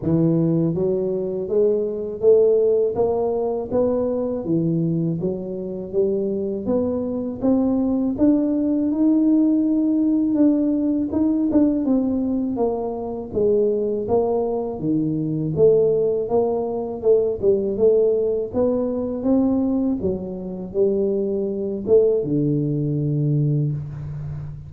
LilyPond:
\new Staff \with { instrumentName = "tuba" } { \time 4/4 \tempo 4 = 81 e4 fis4 gis4 a4 | ais4 b4 e4 fis4 | g4 b4 c'4 d'4 | dis'2 d'4 dis'8 d'8 |
c'4 ais4 gis4 ais4 | dis4 a4 ais4 a8 g8 | a4 b4 c'4 fis4 | g4. a8 d2 | }